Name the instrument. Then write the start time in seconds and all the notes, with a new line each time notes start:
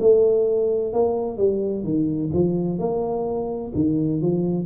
tuba
0.00 A3
0.93 A#3
1.38 G3
1.84 D#3
2.34 F3
2.79 A#3
3.75 D#3
4.21 F3